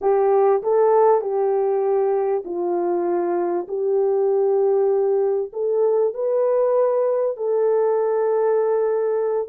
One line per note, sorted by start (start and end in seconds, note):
0.01 0.62 G4
0.62 1.21 A4
1.21 2.43 G4
2.44 3.67 F4
3.68 5.51 G4
5.52 6.14 A4
6.14 7.36 B4
7.36 9.48 A4